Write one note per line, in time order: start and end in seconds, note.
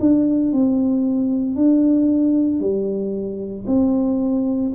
0.00 0.53 D4
0.53 1.56 C4
1.56 2.60 D4
2.60 3.65 G3
3.67 4.72 C4